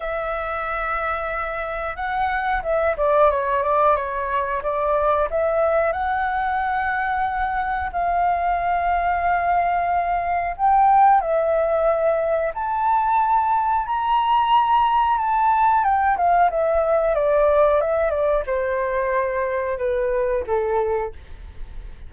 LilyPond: \new Staff \with { instrumentName = "flute" } { \time 4/4 \tempo 4 = 91 e''2. fis''4 | e''8 d''8 cis''8 d''8 cis''4 d''4 | e''4 fis''2. | f''1 |
g''4 e''2 a''4~ | a''4 ais''2 a''4 | g''8 f''8 e''4 d''4 e''8 d''8 | c''2 b'4 a'4 | }